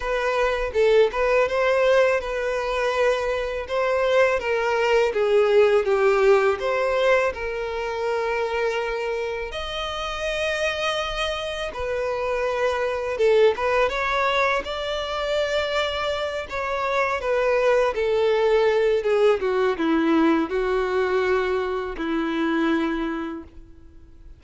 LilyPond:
\new Staff \with { instrumentName = "violin" } { \time 4/4 \tempo 4 = 82 b'4 a'8 b'8 c''4 b'4~ | b'4 c''4 ais'4 gis'4 | g'4 c''4 ais'2~ | ais'4 dis''2. |
b'2 a'8 b'8 cis''4 | d''2~ d''8 cis''4 b'8~ | b'8 a'4. gis'8 fis'8 e'4 | fis'2 e'2 | }